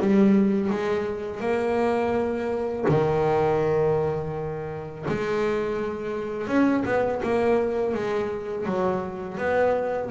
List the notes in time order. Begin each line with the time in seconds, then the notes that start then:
0.00 G3
0.70 G#3
1.40 A#3
2.88 D#3
5.08 G#3
6.47 C#4
6.85 B3
7.23 A#3
7.94 G#3
8.66 F#3
9.37 B3